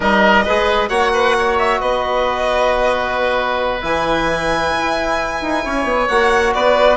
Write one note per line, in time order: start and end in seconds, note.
0.00 0.46 G3
0.00 0.44 D#4
0.00 0.44 A#4
0.00 0.88 D#5
0.44 0.89 G#3
0.44 0.89 G#4
0.44 0.89 B4
0.88 1.80 A#3
0.88 3.81 F#4
0.88 1.11 C#5
0.88 1.56 F#5
1.13 1.35 B4
1.38 1.80 C#5
1.58 1.81 E5
1.80 3.82 B3
1.80 5.64 B4
1.80 3.83 D#5
3.81 4.73 E3
3.81 6.07 E4
3.81 6.08 G#5
4.78 5.41 E4
5.41 5.64 D#4
5.64 5.84 C#4
5.64 6.54 C#5
5.84 6.06 B3
6.08 6.54 A#3
6.08 6.97 F#4
6.08 6.53 F#5
6.53 6.97 B3
6.53 6.97 B4
6.53 6.97 D5